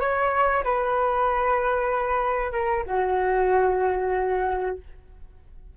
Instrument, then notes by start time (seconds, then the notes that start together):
flute
0.00 C#5
0.64 B4
2.52 A#4
2.86 F#4